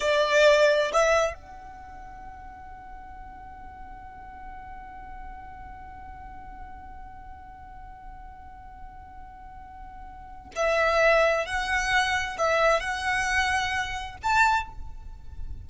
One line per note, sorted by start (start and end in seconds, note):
0.00 0.92 D5
0.92 1.34 E5
1.34 10.50 F#5
10.55 11.45 E5
11.45 12.37 F#5
12.38 12.80 E5
12.80 14.17 F#5
14.22 14.68 A5